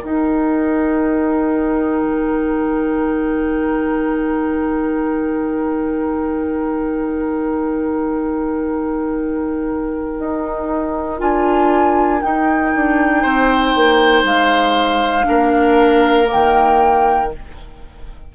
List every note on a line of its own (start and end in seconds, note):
0.00 11.18 D#4
0.00 2.03 D#4
0.00 13.22 A#4
0.00 11.19 G5
2.03 10.17 D#3
10.19 11.21 D#4
11.18 12.22 D4
11.18 12.20 F4
11.18 12.21 G#5
12.20 15.23 D#4
12.20 12.74 D#4
12.20 14.25 G5
12.75 13.24 D4
13.22 13.75 C4
13.22 15.25 C5
13.75 14.23 A#3
14.23 15.25 G#3
14.23 16.29 F5
15.23 16.29 A#3
15.23 16.25 D4
15.23 17.31 A#4
16.25 17.26 A#3
16.25 17.32 G5
16.33 17.35 D#3